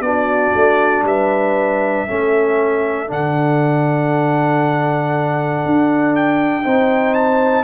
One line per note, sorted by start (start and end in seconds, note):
0.00 0.51 B3
0.00 2.08 D4
0.00 1.06 F#4
0.00 1.03 D5
0.55 1.03 A3
1.03 2.04 G3
1.03 2.08 B4
1.03 3.10 E5
2.08 3.11 A3
2.08 3.07 C#4
2.08 6.64 A4
3.07 5.65 D3
3.07 6.63 D4
3.07 6.16 F#5
5.66 6.65 D4
6.16 7.14 G5
6.64 7.64 C4
6.64 7.64 D#4
6.64 7.64 C5
7.14 7.64 A5